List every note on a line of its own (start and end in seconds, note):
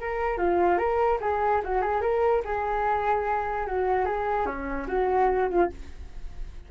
0.00 0.38 A#4
0.38 0.78 F4
0.78 1.19 A#4
1.21 1.62 G#4
1.64 1.82 F#4
1.82 2.02 G#4
2.02 2.42 A#4
2.45 3.67 G#4
3.67 4.05 F#4
4.05 4.46 G#4
4.46 4.87 C#4
4.88 5.49 F#4
5.50 5.70 F4